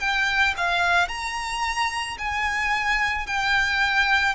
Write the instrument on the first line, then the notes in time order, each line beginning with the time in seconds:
violin
0.00 G5
0.58 F5
1.09 A#5
2.18 G#5
3.27 G5